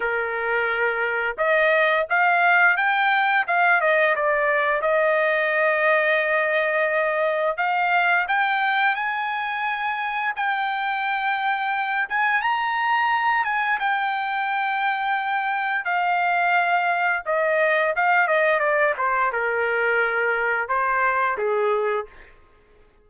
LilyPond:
\new Staff \with { instrumentName = "trumpet" } { \time 4/4 \tempo 4 = 87 ais'2 dis''4 f''4 | g''4 f''8 dis''8 d''4 dis''4~ | dis''2. f''4 | g''4 gis''2 g''4~ |
g''4. gis''8 ais''4. gis''8 | g''2. f''4~ | f''4 dis''4 f''8 dis''8 d''8 c''8 | ais'2 c''4 gis'4 | }